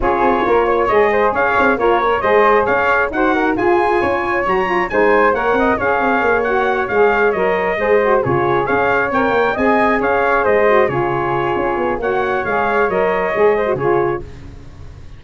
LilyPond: <<
  \new Staff \with { instrumentName = "trumpet" } { \time 4/4 \tempo 4 = 135 cis''2 dis''4 f''4 | cis''4 dis''4 f''4 fis''4 | gis''2 ais''4 gis''4 | fis''4 f''4. fis''4 f''8~ |
f''8 dis''2 cis''4 f''8~ | f''8 g''4 gis''4 f''4 dis''8~ | dis''8 cis''2~ cis''8 fis''4 | f''4 dis''2 cis''4 | }
  \new Staff \with { instrumentName = "flute" } { \time 4/4 gis'4 ais'8 cis''4 c''8 cis''4 | f'8 cis''8 c''4 cis''4 c''8 ais'8 | gis'4 cis''2 c''4 | cis''8 dis''8 cis''2.~ |
cis''4. c''4 gis'4 cis''8~ | cis''4. dis''4 cis''4 c''8~ | c''8 gis'2~ gis'8 cis''4~ | cis''2~ cis''8 c''8 gis'4 | }
  \new Staff \with { instrumentName = "saxophone" } { \time 4/4 f'2 gis'2 | ais'4 gis'2 fis'4 | f'2 fis'8 f'8 dis'4 | ais'4 gis'4. fis'4 gis'8~ |
gis'8 ais'4 gis'8 fis'8 f'4 gis'8~ | gis'8 ais'4 gis'2~ gis'8 | fis'8 f'2~ f'8 fis'4 | gis'4 ais'4 gis'8. fis'16 f'4 | }
  \new Staff \with { instrumentName = "tuba" } { \time 4/4 cis'8 c'8 ais4 gis4 cis'8 c'8 | ais4 gis4 cis'4 dis'4 | f'4 cis'4 fis4 gis4 | ais8 c'8 cis'8 c'8 ais4. gis8~ |
gis8 fis4 gis4 cis4 cis'8~ | cis'8 c'8 ais8 c'4 cis'4 gis8~ | gis8 cis4. cis'8 b8 ais4 | gis4 fis4 gis4 cis4 | }
>>